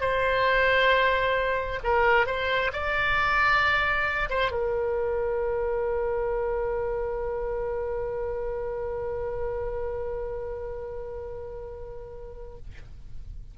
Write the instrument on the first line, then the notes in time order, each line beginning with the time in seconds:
oboe
0.00 C5
1.83 A#4
2.26 C5
2.72 D5
4.29 C5
4.51 A#4